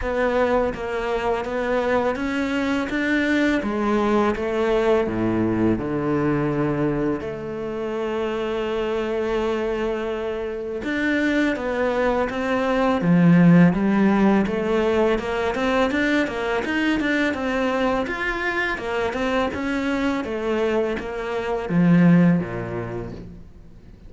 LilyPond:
\new Staff \with { instrumentName = "cello" } { \time 4/4 \tempo 4 = 83 b4 ais4 b4 cis'4 | d'4 gis4 a4 a,4 | d2 a2~ | a2. d'4 |
b4 c'4 f4 g4 | a4 ais8 c'8 d'8 ais8 dis'8 d'8 | c'4 f'4 ais8 c'8 cis'4 | a4 ais4 f4 ais,4 | }